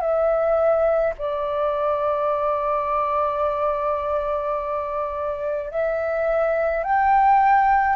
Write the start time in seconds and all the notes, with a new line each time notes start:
0.00 E5
1.18 D5
5.71 E5
6.83 G5